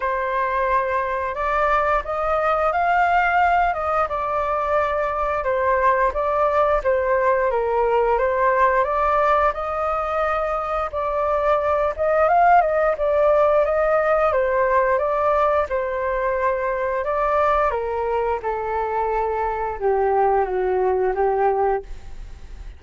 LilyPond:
\new Staff \with { instrumentName = "flute" } { \time 4/4 \tempo 4 = 88 c''2 d''4 dis''4 | f''4. dis''8 d''2 | c''4 d''4 c''4 ais'4 | c''4 d''4 dis''2 |
d''4. dis''8 f''8 dis''8 d''4 | dis''4 c''4 d''4 c''4~ | c''4 d''4 ais'4 a'4~ | a'4 g'4 fis'4 g'4 | }